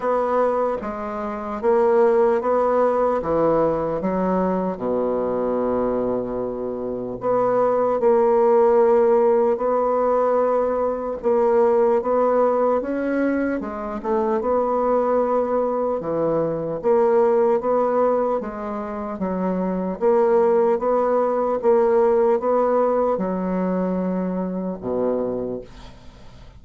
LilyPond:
\new Staff \with { instrumentName = "bassoon" } { \time 4/4 \tempo 4 = 75 b4 gis4 ais4 b4 | e4 fis4 b,2~ | b,4 b4 ais2 | b2 ais4 b4 |
cis'4 gis8 a8 b2 | e4 ais4 b4 gis4 | fis4 ais4 b4 ais4 | b4 fis2 b,4 | }